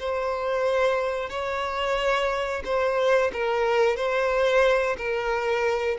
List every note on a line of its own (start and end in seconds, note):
0.00 1.30 C5
1.30 2.63 C#5
2.65 3.32 C5
3.33 3.97 A#4
3.97 4.97 C5
4.98 5.98 A#4